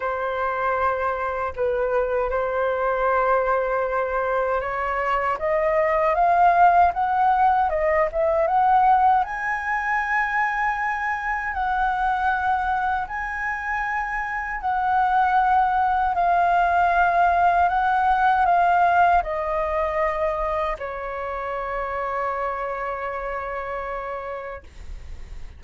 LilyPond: \new Staff \with { instrumentName = "flute" } { \time 4/4 \tempo 4 = 78 c''2 b'4 c''4~ | c''2 cis''4 dis''4 | f''4 fis''4 dis''8 e''8 fis''4 | gis''2. fis''4~ |
fis''4 gis''2 fis''4~ | fis''4 f''2 fis''4 | f''4 dis''2 cis''4~ | cis''1 | }